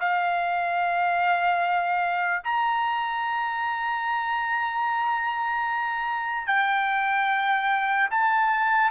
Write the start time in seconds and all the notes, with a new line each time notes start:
0.00 F5
2.44 A#5
6.47 G5
8.10 A5